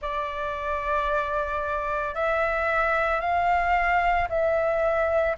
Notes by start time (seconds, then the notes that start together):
0.01 D5
2.14 E5
3.20 F5
4.29 E5